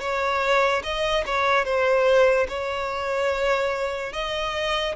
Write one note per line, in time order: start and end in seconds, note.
0.00 0.82 C#5
0.83 1.24 D#5
1.26 1.65 C#5
1.65 2.47 C5
2.48 4.13 C#5
4.13 4.95 D#5